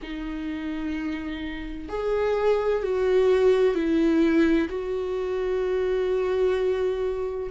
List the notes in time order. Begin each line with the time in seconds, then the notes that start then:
0.02 D#4
1.88 G#4
2.83 F#4
3.75 E4
4.68 F#4